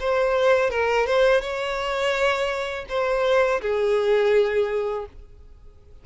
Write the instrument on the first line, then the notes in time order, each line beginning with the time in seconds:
violin
0.00 C5
0.70 A#4
1.06 C5
1.41 C#5
2.89 C5
3.61 G#4